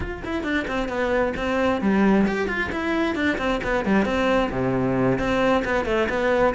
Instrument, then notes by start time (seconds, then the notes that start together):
cello
0.00 F4
0.24 E4
0.43 D4
0.67 C4
0.88 B3
1.36 C4
1.81 G3
2.26 G4
2.48 F4
2.71 E4
3.15 D4
3.38 C4
3.63 B3
3.85 G3
4.05 C4
4.51 C3
5.18 C4
5.64 B3
5.85 A3
6.09 B3